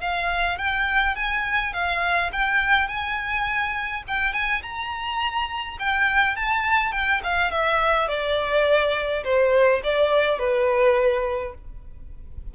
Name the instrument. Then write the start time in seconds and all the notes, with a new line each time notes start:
violin
0.00 F5
0.58 G5
1.15 G#5
1.73 F5
2.32 G5
2.88 G#5
4.07 G5
4.33 G#5
4.62 A#5
5.79 G5
6.36 A5
6.92 G5
7.23 F5
7.51 E5
8.08 D5
9.24 C5
9.83 D5
10.38 B4